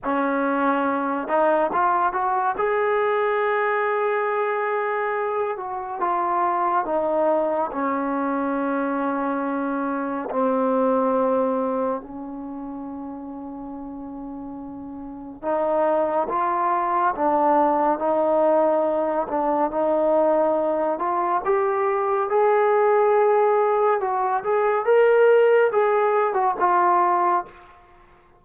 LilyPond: \new Staff \with { instrumentName = "trombone" } { \time 4/4 \tempo 4 = 70 cis'4. dis'8 f'8 fis'8 gis'4~ | gis'2~ gis'8 fis'8 f'4 | dis'4 cis'2. | c'2 cis'2~ |
cis'2 dis'4 f'4 | d'4 dis'4. d'8 dis'4~ | dis'8 f'8 g'4 gis'2 | fis'8 gis'8 ais'4 gis'8. fis'16 f'4 | }